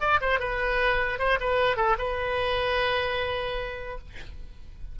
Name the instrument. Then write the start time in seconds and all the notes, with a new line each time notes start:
oboe
0.00 D5
0.21 C5
0.39 B4
1.19 C5
1.40 B4
1.77 A4
1.98 B4